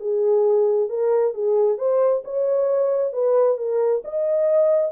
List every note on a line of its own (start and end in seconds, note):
0.00 0.89 G#4
0.89 1.34 A#4
1.34 1.78 G#4
1.78 2.23 C5
2.24 3.13 C#5
3.13 3.57 B4
3.58 4.02 A#4
4.05 4.92 D#5